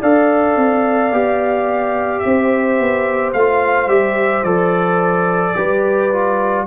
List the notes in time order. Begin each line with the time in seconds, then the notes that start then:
0.00 D4 A4 D5 F5
0.56 C4
1.11 B3 G4
2.19 C4 E5
2.26 C5
2.79 B3
3.33 A3 F4 F5
3.87 G3 G4 E5
4.43 F3 A4 D5
5.56 G3 G4 B4
6.12 F4